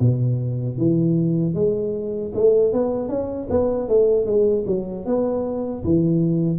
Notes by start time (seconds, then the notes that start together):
0.00 B2
0.77 E3
1.54 G#3
2.34 A3
2.73 B3
3.09 C#4
3.50 B3
3.88 A3
4.26 G#3
4.66 F#3
5.05 B3
5.84 E3